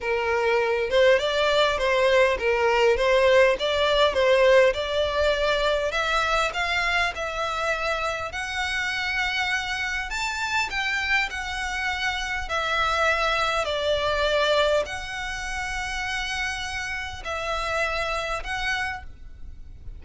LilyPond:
\new Staff \with { instrumentName = "violin" } { \time 4/4 \tempo 4 = 101 ais'4. c''8 d''4 c''4 | ais'4 c''4 d''4 c''4 | d''2 e''4 f''4 | e''2 fis''2~ |
fis''4 a''4 g''4 fis''4~ | fis''4 e''2 d''4~ | d''4 fis''2.~ | fis''4 e''2 fis''4 | }